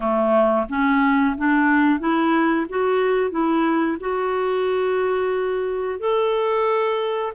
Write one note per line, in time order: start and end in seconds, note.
0.00 0.66 A3
0.68 1.35 C#4
1.37 1.99 D4
1.99 2.66 E4
2.69 3.31 F#4
3.31 3.97 E4
4.00 5.99 F#4
5.99 7.32 A4